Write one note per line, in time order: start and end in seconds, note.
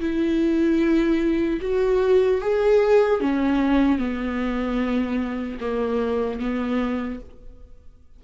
0.00 1.60 E4
1.61 2.41 F#4
2.41 3.20 G#4
3.20 3.99 C#4
3.99 5.59 B3
5.60 6.39 A#3
6.39 7.19 B3